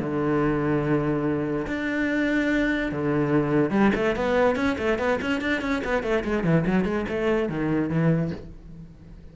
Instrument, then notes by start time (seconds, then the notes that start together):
cello
0.00 D3
1.67 D4
2.92 D3
3.71 G3
3.95 A3
4.16 B3
4.56 C#4
4.78 A3
4.99 B3
5.22 C#4
5.41 D4
5.62 C#4
5.84 B3
6.03 A3
6.24 G#3
6.44 E3
6.66 F#3
6.85 G#3
7.09 A3
7.49 D#3
7.90 E3